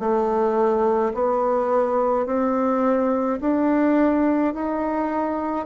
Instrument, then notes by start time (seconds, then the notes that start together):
bassoon
0.00 A3
1.14 B3
2.26 C4
3.41 D4
4.54 D#4